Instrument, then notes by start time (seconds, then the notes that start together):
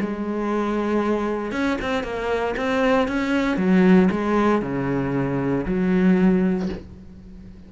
cello
0.00 G#3
1.51 C#4
1.81 C4
2.03 A#3
2.57 C4
3.08 C#4
3.57 F#3
4.11 G#3
4.62 C#3
5.65 F#3